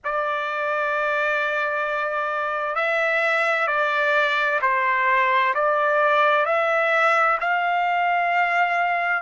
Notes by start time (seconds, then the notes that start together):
0.04 D5
2.74 E5
3.67 D5
4.61 C5
5.54 D5
6.45 E5
7.40 F5